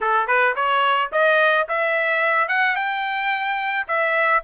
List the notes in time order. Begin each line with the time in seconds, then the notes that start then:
0.00 A4
0.27 B4
0.55 C#5
1.11 D#5
1.68 E5
2.48 F#5
2.75 G5
3.87 E5